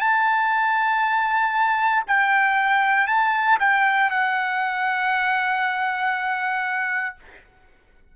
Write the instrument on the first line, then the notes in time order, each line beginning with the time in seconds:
trumpet
0.00 A5
2.07 G5
3.07 A5
3.59 G5
4.10 F#5